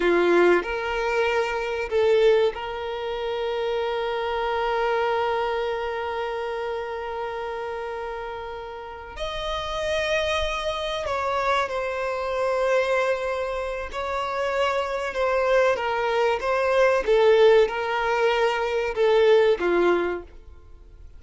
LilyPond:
\new Staff \with { instrumentName = "violin" } { \time 4/4 \tempo 4 = 95 f'4 ais'2 a'4 | ais'1~ | ais'1~ | ais'2~ ais'8 dis''4.~ |
dis''4. cis''4 c''4.~ | c''2 cis''2 | c''4 ais'4 c''4 a'4 | ais'2 a'4 f'4 | }